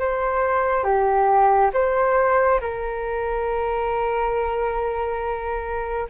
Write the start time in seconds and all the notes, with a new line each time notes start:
0.00 C5
0.85 G4
1.74 C5
2.61 A#4